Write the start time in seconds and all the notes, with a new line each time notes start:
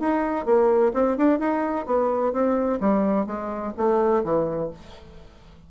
0.00 D#4
0.46 A#3
0.94 C4
1.17 D4
1.40 D#4
1.86 B3
2.33 C4
2.81 G3
3.27 G#3
3.77 A3
4.24 E3